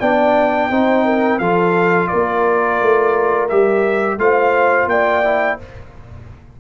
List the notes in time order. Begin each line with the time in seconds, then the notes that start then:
0.00 B3 D4 D5 G5
0.70 C4 D#4 C5
1.05 A#4
1.39 F3 F4 A4 F5
2.08 A#3 A#4 D5
2.82 A3
3.49 G3 G4 E5
4.18 A3 F4 C5 F5
4.86 A#3 D5 G5
5.24 E4